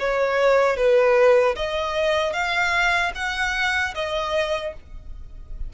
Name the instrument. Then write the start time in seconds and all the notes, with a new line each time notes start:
violin
0.00 C#5
0.77 B4
1.56 D#5
2.33 F5
3.16 F#5
3.95 D#5